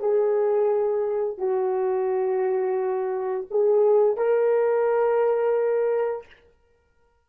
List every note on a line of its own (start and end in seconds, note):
0.00 1.38 G#4
1.38 3.47 F#4
3.51 4.17 G#4
4.17 6.27 A#4